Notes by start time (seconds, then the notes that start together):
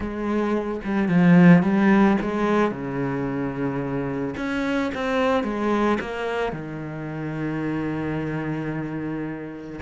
0.00 G#3
0.84 G3
1.08 F3
1.62 G3
2.21 G#3
2.71 C#3
4.37 C#4
4.94 C4
5.43 G#3
6.00 A#3
6.52 D#3